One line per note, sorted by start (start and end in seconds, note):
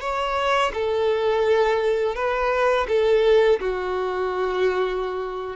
0.00 0.71 C#5
0.73 2.15 A4
2.15 2.86 B4
2.88 3.59 A4
3.59 5.56 F#4